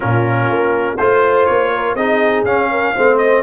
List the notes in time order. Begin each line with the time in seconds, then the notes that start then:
0.00 A#2 C#4 F4 A#4
0.48 A#3
0.97 A3 F4 C5
1.46 A#3 C#5
1.74 A#4
1.94 C4 D#4 G#4 D#5
2.44 C#4 F5
2.70 A#4
2.94 A3 C4 C5
3.17 D#5